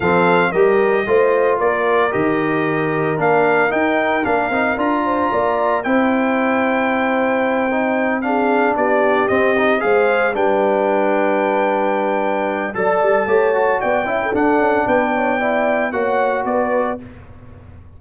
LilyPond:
<<
  \new Staff \with { instrumentName = "trumpet" } { \time 4/4 \tempo 4 = 113 f''4 dis''2 d''4 | dis''2 f''4 g''4 | f''4 ais''2 g''4~ | g''2.~ g''8 f''8~ |
f''8 d''4 dis''4 f''4 g''8~ | g''1 | a''2 g''4 fis''4 | g''2 fis''4 d''4 | }
  \new Staff \with { instrumentName = "horn" } { \time 4/4 a'4 ais'4 c''4 ais'4~ | ais'1~ | ais'4. c''8 d''4 c''4~ | c''2.~ c''8 gis'8~ |
gis'8 g'2 c''4 b'8~ | b'1 | d''4 cis''4 d''8 e''16 a'4~ a'16 | b'8 cis''8 d''4 cis''4 b'4 | }
  \new Staff \with { instrumentName = "trombone" } { \time 4/4 c'4 g'4 f'2 | g'2 d'4 dis'4 | d'8 dis'8 f'2 e'4~ | e'2~ e'8 dis'4 d'8~ |
d'4. c'8 dis'8 gis'4 d'8~ | d'1 | a'4 g'8 fis'4 e'8 d'4~ | d'4 e'4 fis'2 | }
  \new Staff \with { instrumentName = "tuba" } { \time 4/4 f4 g4 a4 ais4 | dis2 ais4 dis'4 | ais8 c'8 d'4 ais4 c'4~ | c'1~ |
c'8 b4 c'4 gis4 g8~ | g1 | fis8 g8 a4 b8 cis'8 d'8 cis'8 | b2 ais4 b4 | }
>>